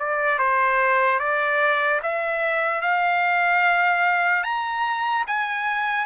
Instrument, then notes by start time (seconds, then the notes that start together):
trumpet
0.00 D5
0.39 C5
1.20 D5
2.03 E5
2.82 F5
4.44 A#5
5.27 G#5